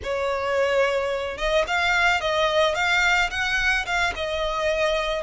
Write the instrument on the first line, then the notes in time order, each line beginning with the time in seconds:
violin
0.03 C#5
1.37 D#5
1.67 F5
2.20 D#5
2.74 F5
3.30 F#5
3.85 F5
4.15 D#5